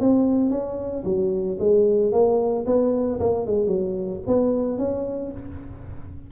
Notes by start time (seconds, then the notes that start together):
0.00 C4
0.50 C#4
1.05 F#3
1.59 G#3
2.12 A#3
2.66 B3
3.20 A#3
3.46 G#3
3.67 F#3
4.27 B3
4.78 C#4